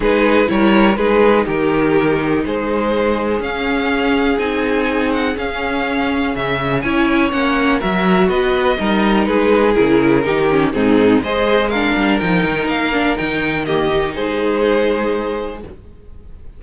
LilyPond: <<
  \new Staff \with { instrumentName = "violin" } { \time 4/4 \tempo 4 = 123 b'4 cis''4 b'4 ais'4~ | ais'4 c''2 f''4~ | f''4 gis''4. fis''8 f''4~ | f''4 e''4 gis''4 fis''4 |
e''4 dis''2 b'4 | ais'2 gis'4 dis''4 | f''4 g''4 f''4 g''4 | dis''4 c''2. | }
  \new Staff \with { instrumentName = "violin" } { \time 4/4 gis'4 ais'4 gis'4 g'4~ | g'4 gis'2.~ | gis'1~ | gis'2 cis''2 |
ais'4 b'4 ais'4 gis'4~ | gis'4 g'4 dis'4 c''4 | ais'1 | g'4 gis'2. | }
  \new Staff \with { instrumentName = "viola" } { \time 4/4 dis'4 e'4 dis'2~ | dis'2. cis'4~ | cis'4 dis'2 cis'4~ | cis'2 e'4 cis'4 |
fis'2 dis'2 | e'4 dis'8 cis'8 c'4 gis'4 | d'4 dis'4. d'8 dis'4 | ais8 dis'2.~ dis'8 | }
  \new Staff \with { instrumentName = "cello" } { \time 4/4 gis4 g4 gis4 dis4~ | dis4 gis2 cis'4~ | cis'4 c'2 cis'4~ | cis'4 cis4 cis'4 ais4 |
fis4 b4 g4 gis4 | cis4 dis4 gis,4 gis4~ | gis8 g8 f8 dis8 ais4 dis4~ | dis4 gis2. | }
>>